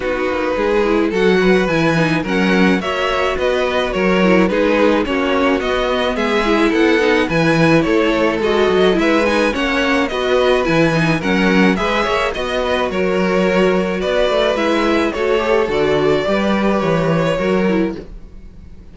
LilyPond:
<<
  \new Staff \with { instrumentName = "violin" } { \time 4/4 \tempo 4 = 107 b'2 fis''4 gis''4 | fis''4 e''4 dis''4 cis''4 | b'4 cis''4 dis''4 e''4 | fis''4 gis''4 cis''4 dis''4 |
e''8 gis''8 fis''4 dis''4 gis''4 | fis''4 e''4 dis''4 cis''4~ | cis''4 d''4 e''4 cis''4 | d''2 cis''2 | }
  \new Staff \with { instrumentName = "violin" } { \time 4/4 fis'4 gis'4 a'8 b'4. | ais'4 cis''4 b'4 ais'4 | gis'4 fis'2 gis'4 | a'4 b'4 a'2 |
b'4 cis''4 b'2 | ais'4 b'8 cis''8 dis''8 b'8 ais'4~ | ais'4 b'2 a'4~ | a'4 b'2 ais'4 | }
  \new Staff \with { instrumentName = "viola" } { \time 4/4 dis'4. e'8 fis'4 e'8 dis'8 | cis'4 fis'2~ fis'8 e'8 | dis'4 cis'4 b4. e'8~ | e'8 dis'8 e'2 fis'4 |
e'8 dis'8 cis'4 fis'4 e'8 dis'8 | cis'4 gis'4 fis'2~ | fis'2 e'4 fis'8 g'8 | fis'4 g'2 fis'8 e'8 | }
  \new Staff \with { instrumentName = "cello" } { \time 4/4 b8 ais8 gis4 fis4 e4 | fis4 ais4 b4 fis4 | gis4 ais4 b4 gis4 | b4 e4 a4 gis8 fis8 |
gis4 ais4 b4 e4 | fis4 gis8 ais8 b4 fis4~ | fis4 b8 a8 gis4 a4 | d4 g4 e4 fis4 | }
>>